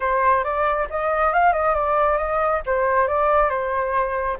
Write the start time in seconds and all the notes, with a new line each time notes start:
0.00 C5
0.43 D5
0.90 D#5
1.33 F5
1.52 D#5
1.74 D5
2.17 D#5
2.65 C5
3.07 D5
3.49 C5